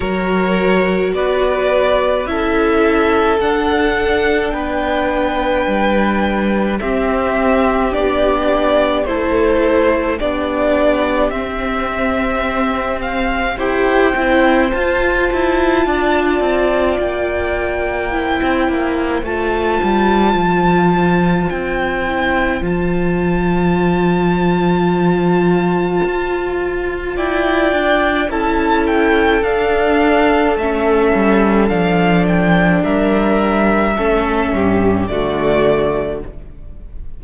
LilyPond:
<<
  \new Staff \with { instrumentName = "violin" } { \time 4/4 \tempo 4 = 53 cis''4 d''4 e''4 fis''4 | g''2 e''4 d''4 | c''4 d''4 e''4. f''8 | g''4 a''2 g''4~ |
g''4 a''2 g''4 | a''1 | g''4 a''8 g''8 f''4 e''4 | f''8 g''8 e''2 d''4 | }
  \new Staff \with { instrumentName = "violin" } { \time 4/4 ais'4 b'4 a'2 | b'2 g'2 | a'4 g'2. | c''2 d''2 |
c''1~ | c''1 | d''4 a'2.~ | a'4 ais'4 a'8 g'8 fis'4 | }
  \new Staff \with { instrumentName = "viola" } { \time 4/4 fis'2 e'4 d'4~ | d'2 c'4 d'4 | e'4 d'4 c'2 | g'8 e'8 f'2. |
e'4 f'2~ f'8 e'8 | f'1~ | f'4 e'4 d'4 cis'4 | d'2 cis'4 a4 | }
  \new Staff \with { instrumentName = "cello" } { \time 4/4 fis4 b4 cis'4 d'4 | b4 g4 c'4 b4 | a4 b4 c'2 | e'8 c'8 f'8 e'8 d'8 c'8 ais4~ |
ais16 c'16 ais8 a8 g8 f4 c'4 | f2. f'4 | e'8 d'8 cis'4 d'4 a8 g8 | f4 g4 a8 g,8 d4 | }
>>